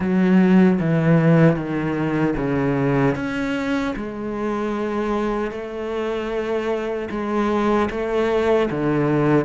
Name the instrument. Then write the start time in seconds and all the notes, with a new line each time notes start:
cello
0.00 F#3
0.80 E3
1.55 D#3
2.36 C#3
3.15 C#4
3.95 G#3
5.50 A3
7.10 G#3
7.90 A3
8.70 D3